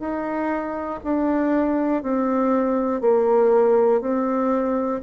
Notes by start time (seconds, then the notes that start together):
0.00 D#4
1.05 D4
2.03 C4
3.02 A#3
4.02 C4